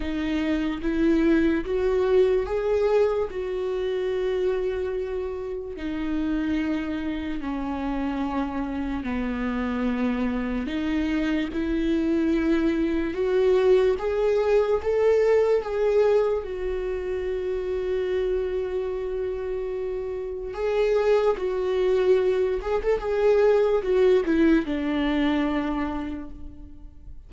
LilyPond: \new Staff \with { instrumentName = "viola" } { \time 4/4 \tempo 4 = 73 dis'4 e'4 fis'4 gis'4 | fis'2. dis'4~ | dis'4 cis'2 b4~ | b4 dis'4 e'2 |
fis'4 gis'4 a'4 gis'4 | fis'1~ | fis'4 gis'4 fis'4. gis'16 a'16 | gis'4 fis'8 e'8 d'2 | }